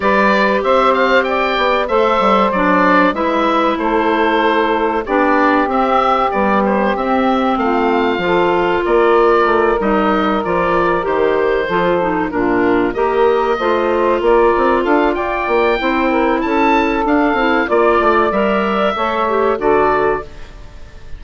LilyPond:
<<
  \new Staff \with { instrumentName = "oboe" } { \time 4/4 \tempo 4 = 95 d''4 e''8 f''8 g''4 e''4 | d''4 e''4 c''2 | d''4 e''4 d''8 c''8 e''4 | f''2 d''4. dis''8~ |
dis''8 d''4 c''2 ais'8~ | ais'8 dis''2 d''4 f''8 | g''2 a''4 f''4 | d''4 e''2 d''4 | }
  \new Staff \with { instrumentName = "saxophone" } { \time 4/4 b'4 c''4 d''4 c''4~ | c''4 b'4 a'2 | g'1 | f'4 a'4 ais'2~ |
ais'2~ ais'8 a'4 f'8~ | f'8 ais'4 c''4 ais'4 a'8 | d''4 c''8 ais'8 a'2 | d''2 cis''4 a'4 | }
  \new Staff \with { instrumentName = "clarinet" } { \time 4/4 g'2. a'4 | d'4 e'2. | d'4 c'4 g4 c'4~ | c'4 f'2~ f'8 dis'8~ |
dis'8 f'4 g'4 f'8 dis'8 d'8~ | d'8 g'4 f'2~ f'8~ | f'4 e'2 d'8 e'8 | f'4 ais'4 a'8 g'8 fis'4 | }
  \new Staff \with { instrumentName = "bassoon" } { \time 4/4 g4 c'4. b8 a8 g8 | fis4 gis4 a2 | b4 c'4 b4 c'4 | a4 f4 ais4 a8 g8~ |
g8 f4 dis4 f4 ais,8~ | ais,8 ais4 a4 ais8 c'8 d'8 | f'8 ais8 c'4 cis'4 d'8 c'8 | ais8 a8 g4 a4 d4 | }
>>